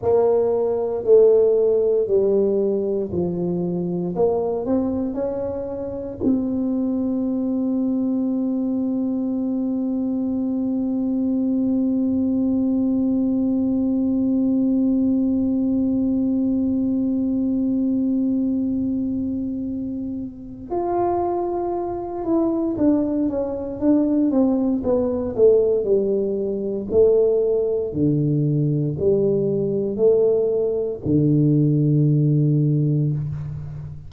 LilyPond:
\new Staff \with { instrumentName = "tuba" } { \time 4/4 \tempo 4 = 58 ais4 a4 g4 f4 | ais8 c'8 cis'4 c'2~ | c'1~ | c'1~ |
c'1 | f'4. e'8 d'8 cis'8 d'8 c'8 | b8 a8 g4 a4 d4 | g4 a4 d2 | }